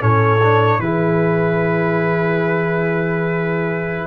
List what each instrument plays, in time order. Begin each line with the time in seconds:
0.00 tuba A2, trombone C#4, horn A4, trumpet C#5
0.43 trombone D4
0.79 tuba E3, trombone E4, horn G#4, trumpet B4